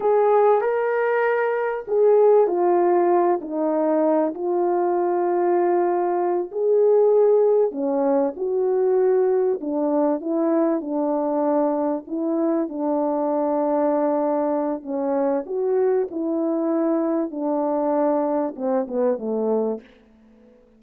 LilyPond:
\new Staff \with { instrumentName = "horn" } { \time 4/4 \tempo 4 = 97 gis'4 ais'2 gis'4 | f'4. dis'4. f'4~ | f'2~ f'8 gis'4.~ | gis'8 cis'4 fis'2 d'8~ |
d'8 e'4 d'2 e'8~ | e'8 d'2.~ d'8 | cis'4 fis'4 e'2 | d'2 c'8 b8 a4 | }